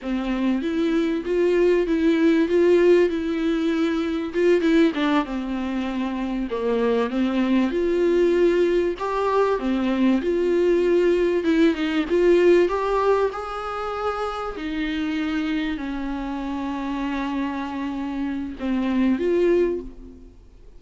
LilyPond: \new Staff \with { instrumentName = "viola" } { \time 4/4 \tempo 4 = 97 c'4 e'4 f'4 e'4 | f'4 e'2 f'8 e'8 | d'8 c'2 ais4 c'8~ | c'8 f'2 g'4 c'8~ |
c'8 f'2 e'8 dis'8 f'8~ | f'8 g'4 gis'2 dis'8~ | dis'4. cis'2~ cis'8~ | cis'2 c'4 f'4 | }